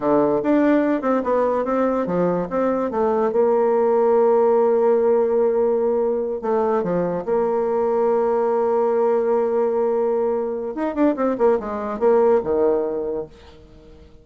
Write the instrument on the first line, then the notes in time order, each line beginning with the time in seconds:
bassoon
0.00 D3
0.42 D4
1.01 C4
1.23 B3
1.65 C4
2.06 F3
2.50 C4
2.91 A3
3.32 A#3
6.41 A3
6.83 F3
7.25 A#3
10.75 D#4
10.94 D4
11.16 C4
11.38 A#3
11.59 G#3
11.99 A#3
12.43 D#3